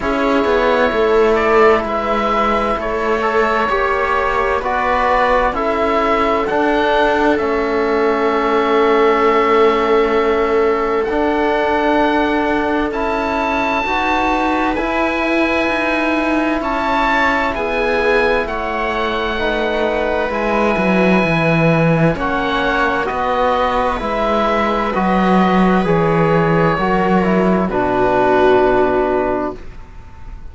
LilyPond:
<<
  \new Staff \with { instrumentName = "oboe" } { \time 4/4 \tempo 4 = 65 cis''4. d''8 e''4 cis''4~ | cis''4 d''4 e''4 fis''4 | e''1 | fis''2 a''2 |
gis''2 a''4 gis''4 | fis''2 gis''2 | fis''4 dis''4 e''4 dis''4 | cis''2 b'2 | }
  \new Staff \with { instrumentName = "viola" } { \time 4/4 gis'4 a'4 b'4 a'4 | cis''4 b'4 a'2~ | a'1~ | a'2. b'4~ |
b'2 cis''4 gis'4 | cis''4 b'2. | cis''4 b'2.~ | b'4 ais'4 fis'2 | }
  \new Staff \with { instrumentName = "trombone" } { \time 4/4 e'2.~ e'8 a'8 | g'4 fis'4 e'4 d'4 | cis'1 | d'2 e'4 fis'4 |
e'1~ | e'4 dis'4 e'2 | cis'4 fis'4 e'4 fis'4 | gis'4 fis'8 e'8 d'2 | }
  \new Staff \with { instrumentName = "cello" } { \time 4/4 cis'8 b8 a4 gis4 a4 | ais4 b4 cis'4 d'4 | a1 | d'2 cis'4 dis'4 |
e'4 dis'4 cis'4 b4 | a2 gis8 fis8 e4 | ais4 b4 gis4 fis4 | e4 fis4 b,2 | }
>>